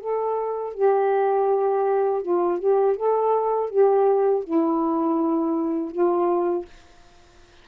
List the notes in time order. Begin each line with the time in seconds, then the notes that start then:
0.00 A4
0.73 G4
2.22 F4
2.59 G4
2.96 A4
3.69 G4
4.43 E4
5.91 F4